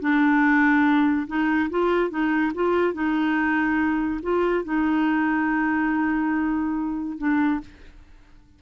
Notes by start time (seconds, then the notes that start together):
0.00 D4
1.27 D#4
1.70 F4
2.10 D#4
2.54 F4
2.93 D#4
4.22 F4
4.64 D#4
7.18 D4